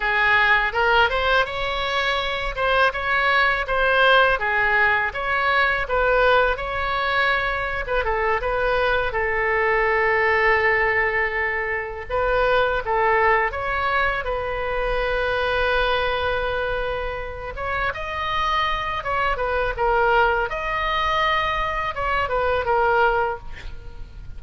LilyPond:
\new Staff \with { instrumentName = "oboe" } { \time 4/4 \tempo 4 = 82 gis'4 ais'8 c''8 cis''4. c''8 | cis''4 c''4 gis'4 cis''4 | b'4 cis''4.~ cis''16 b'16 a'8 b'8~ | b'8 a'2.~ a'8~ |
a'8 b'4 a'4 cis''4 b'8~ | b'1 | cis''8 dis''4. cis''8 b'8 ais'4 | dis''2 cis''8 b'8 ais'4 | }